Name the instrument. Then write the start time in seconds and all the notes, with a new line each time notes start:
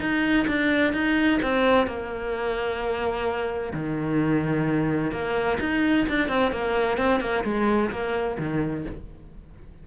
cello
0.00 D#4
0.48 D4
0.93 D#4
1.42 C4
1.87 A#3
3.73 D#3
5.12 A#3
5.60 D#4
6.09 D4
6.28 C4
6.51 A#3
6.97 C4
7.21 A#3
7.44 G#3
7.91 A#3
8.39 D#3